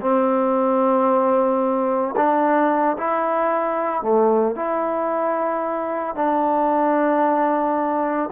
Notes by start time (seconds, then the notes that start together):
0.00 C4
2.16 D4
2.98 E4
4.02 A3
4.55 E4
6.15 D4